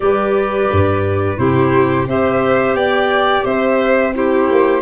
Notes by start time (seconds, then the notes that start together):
0.00 G3 G4 B4 D5
0.71 G2
1.36 C3 E4 G4 C5
2.07 C4 G4 C5 E5
2.74 B3 D5 G5
3.44 C4 C5 E5
4.14 E4 G4 C5
4.50 A#3